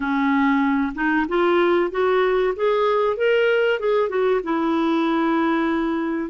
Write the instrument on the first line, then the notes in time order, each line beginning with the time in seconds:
clarinet
0.00 C#4
0.94 D#4
1.28 F4
1.90 F#4
2.56 G#4
3.16 A#4
3.79 G#4
4.09 F#4
4.43 E4